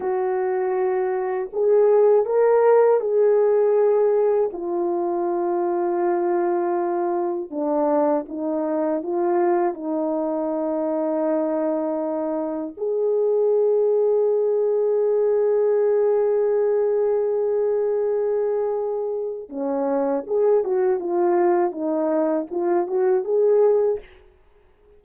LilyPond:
\new Staff \with { instrumentName = "horn" } { \time 4/4 \tempo 4 = 80 fis'2 gis'4 ais'4 | gis'2 f'2~ | f'2 d'4 dis'4 | f'4 dis'2.~ |
dis'4 gis'2.~ | gis'1~ | gis'2 cis'4 gis'8 fis'8 | f'4 dis'4 f'8 fis'8 gis'4 | }